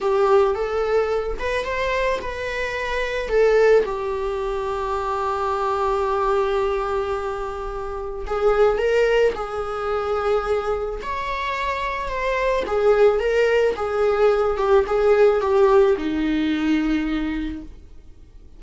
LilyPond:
\new Staff \with { instrumentName = "viola" } { \time 4/4 \tempo 4 = 109 g'4 a'4. b'8 c''4 | b'2 a'4 g'4~ | g'1~ | g'2. gis'4 |
ais'4 gis'2. | cis''2 c''4 gis'4 | ais'4 gis'4. g'8 gis'4 | g'4 dis'2. | }